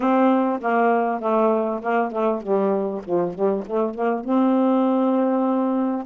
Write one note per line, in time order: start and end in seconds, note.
0.00 0.60 C4
0.60 1.20 A#3
1.20 1.80 A3
1.81 2.11 A#3
2.11 2.42 A3
2.42 3.02 G3
3.03 3.34 F3
3.34 3.64 G3
3.65 3.94 A3
3.94 4.24 A#3
4.24 6.06 C4